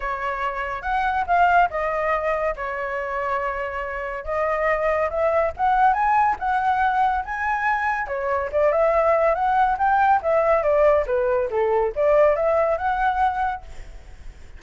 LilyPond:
\new Staff \with { instrumentName = "flute" } { \time 4/4 \tempo 4 = 141 cis''2 fis''4 f''4 | dis''2 cis''2~ | cis''2 dis''2 | e''4 fis''4 gis''4 fis''4~ |
fis''4 gis''2 cis''4 | d''8 e''4. fis''4 g''4 | e''4 d''4 b'4 a'4 | d''4 e''4 fis''2 | }